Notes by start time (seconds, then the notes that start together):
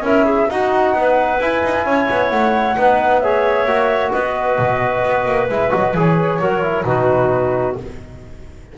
0.00 C#4 E4 A#4 E5
0.24 G#4
0.49 D#4 F#4 F#5
0.93 B3 B4
1.40 E4 G#5
1.63 D#4
1.85 C#4 C#5
2.10 B3
2.29 A3 F#5
2.77 B3 D#4 B4
3.19 G#4 C#5 E5
3.65 A#3 F#4
4.10 B3 B4 D#5
4.58 B2
5.04 B3
5.25 A#3
5.49 G#3 E4 E5
5.70 F#3 F#4 D#5
5.94 E3 G#4 C#5
6.38 F#3 F#4 A#4
6.62 E4
6.84 B2 D#4 F#4 B4